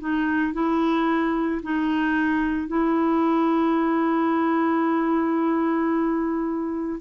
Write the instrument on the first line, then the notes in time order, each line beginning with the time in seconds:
clarinet
0.00 D#4
0.53 E4
1.63 D#4
2.68 E4